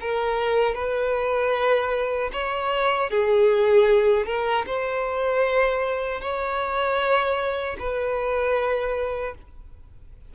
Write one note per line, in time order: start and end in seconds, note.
0.00 0.74 A#4
0.74 2.30 B4
2.32 3.10 C#5
3.10 4.26 G#4
4.26 4.65 A#4
4.66 6.21 C5
6.21 7.77 C#5
7.79 9.34 B4